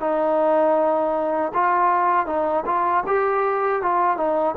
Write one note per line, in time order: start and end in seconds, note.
0.00 1.52 D#4
1.54 2.26 F4
2.26 2.64 D#4
2.66 3.04 F4
3.06 3.82 G4
3.82 4.17 F4
4.17 4.55 D#4